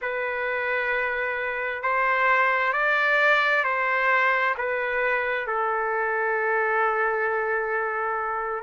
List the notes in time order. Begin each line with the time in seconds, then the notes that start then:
0.01 B4
1.82 C5
2.73 D5
3.64 C5
4.57 B4
5.46 A4